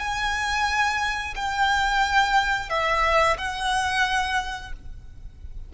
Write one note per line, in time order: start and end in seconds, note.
0.00 1.35 G#5
1.36 2.70 G5
2.70 3.37 E5
3.38 4.73 F#5